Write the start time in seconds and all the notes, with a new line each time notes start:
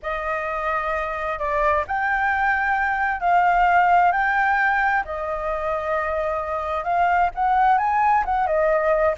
0.02 D#5
1.38 D5
1.87 G5
3.20 F5
4.11 G5
5.04 D#5
6.84 F5
7.34 F#5
7.78 G#5
8.25 F#5
8.46 D#5